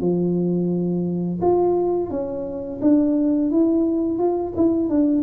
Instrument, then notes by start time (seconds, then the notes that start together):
tuba
0.00 F3
1.41 F4
2.10 C#4
2.82 D4
3.51 E4
4.19 F4
4.56 E4
4.89 D4